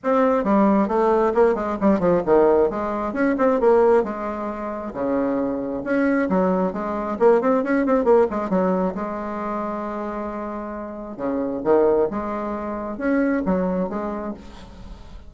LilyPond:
\new Staff \with { instrumentName = "bassoon" } { \time 4/4 \tempo 4 = 134 c'4 g4 a4 ais8 gis8 | g8 f8 dis4 gis4 cis'8 c'8 | ais4 gis2 cis4~ | cis4 cis'4 fis4 gis4 |
ais8 c'8 cis'8 c'8 ais8 gis8 fis4 | gis1~ | gis4 cis4 dis4 gis4~ | gis4 cis'4 fis4 gis4 | }